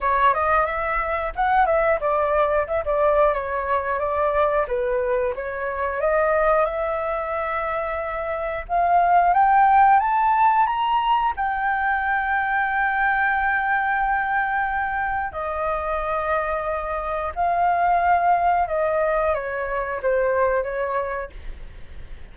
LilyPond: \new Staff \with { instrumentName = "flute" } { \time 4/4 \tempo 4 = 90 cis''8 dis''8 e''4 fis''8 e''8 d''4 | e''16 d''8. cis''4 d''4 b'4 | cis''4 dis''4 e''2~ | e''4 f''4 g''4 a''4 |
ais''4 g''2.~ | g''2. dis''4~ | dis''2 f''2 | dis''4 cis''4 c''4 cis''4 | }